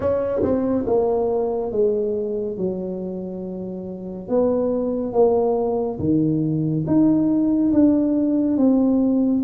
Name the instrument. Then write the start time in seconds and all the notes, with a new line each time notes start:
tuba
0.00 C#4
0.42 C4
0.86 A#3
1.71 G#3
2.57 F#3
4.28 B3
5.12 A#3
5.99 D#3
6.86 D#4
7.72 D4
8.57 C4